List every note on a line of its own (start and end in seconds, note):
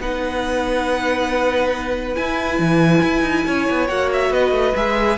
0.00 2.16 B3
0.00 2.16 D#4
0.00 3.46 B4
0.00 2.15 F#5
2.15 3.88 E4
2.15 2.59 E4
2.15 3.87 G#5
2.59 3.02 E3
3.03 3.22 E4
3.22 3.43 D#4
3.46 3.69 C#4
3.46 4.32 C#5
3.70 3.89 B3
3.87 4.30 A#3
3.87 4.74 F#4
3.87 4.09 F#5
4.13 4.33 E5
4.30 4.51 B3
4.30 5.18 B4
4.30 4.76 D#5
4.51 4.73 A3
4.76 5.18 G#3
4.76 5.18 G#4
4.76 5.18 E5